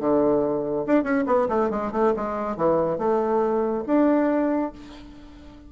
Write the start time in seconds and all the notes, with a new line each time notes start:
0.00 D3
0.86 D4
1.03 C#4
1.27 B3
1.49 A3
1.70 G#3
1.92 A3
2.16 G#3
2.57 E3
2.98 A3
3.87 D4